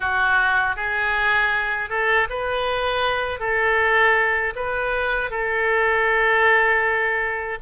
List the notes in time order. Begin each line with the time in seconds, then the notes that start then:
0.00 F#4
0.76 G#4
1.89 A4
2.29 B4
3.39 A4
4.55 B4
5.30 A4